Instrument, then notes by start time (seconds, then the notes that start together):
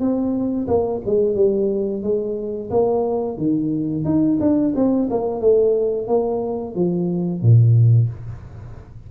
tuba
0.00 C4
0.67 A#3
1.06 G#3
1.35 G3
2.03 G#3
2.71 A#3
3.37 D#3
4.04 D#4
4.40 D4
4.75 C4
5.10 A#3
5.41 A3
6.08 A#3
6.75 F3
7.42 A#2